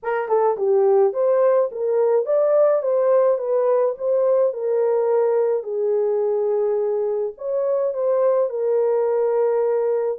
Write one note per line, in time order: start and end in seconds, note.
0.02 0.28 A#4
0.28 0.57 A4
0.57 1.13 G4
1.13 1.69 C5
1.71 2.25 A#4
2.25 2.82 D5
2.82 3.38 C5
3.38 3.94 B4
3.98 4.53 C5
4.53 5.63 A#4
5.63 7.33 G#4
7.37 7.93 C#5
7.93 8.49 C5
8.49 10.18 A#4